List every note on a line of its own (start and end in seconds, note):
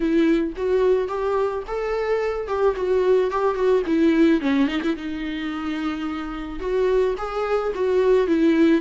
0.00 0.53 E4
0.56 1.08 F#4
1.08 1.63 G4
1.67 2.47 A4
2.47 2.74 G4
2.76 3.30 F#4
3.30 3.55 G4
3.55 3.82 F#4
3.86 4.40 E4
4.40 4.67 C#4
4.67 4.81 D#4
4.82 4.96 E4
4.96 6.59 D#4
6.59 7.14 F#4
7.17 7.72 G#4
7.74 8.27 F#4
8.27 8.81 E4